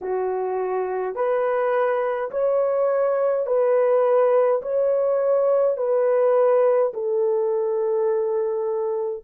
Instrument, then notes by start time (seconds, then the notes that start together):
horn
0.01 F#4
1.15 B4
2.31 C#5
3.46 B4
4.62 C#5
5.77 B4
6.93 A4